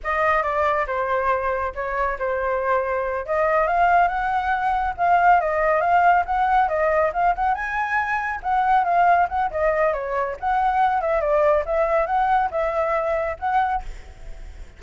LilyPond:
\new Staff \with { instrumentName = "flute" } { \time 4/4 \tempo 4 = 139 dis''4 d''4 c''2 | cis''4 c''2~ c''8 dis''8~ | dis''8 f''4 fis''2 f''8~ | f''8 dis''4 f''4 fis''4 dis''8~ |
dis''8 f''8 fis''8 gis''2 fis''8~ | fis''8 f''4 fis''8 dis''4 cis''4 | fis''4. e''8 d''4 e''4 | fis''4 e''2 fis''4 | }